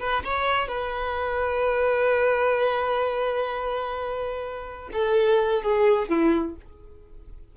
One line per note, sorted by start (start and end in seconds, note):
0.00 0.23 B4
0.25 0.68 C#5
0.68 4.90 B4
4.93 5.63 A4
5.63 6.09 G#4
6.09 6.56 E4